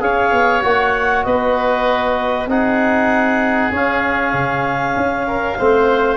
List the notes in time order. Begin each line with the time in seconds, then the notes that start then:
0.00 C#4 G#4 C#5 F5
0.32 B3
0.62 A#3 F#4 F#5
1.24 B3 B4 D#5
2.47 C4 D#4 G#4 F#5
3.72 C#4 F5
4.33 C#3
4.96 C#4
5.27 A#4
5.58 A3 C4 C5